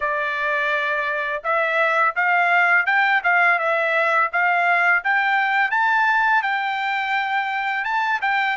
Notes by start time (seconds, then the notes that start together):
0.00 D5
1.43 E5
2.15 F5
2.86 G5
3.23 F5
3.58 E5
4.32 F5
5.04 G5
5.70 A5
6.42 G5
7.84 A5
8.21 G5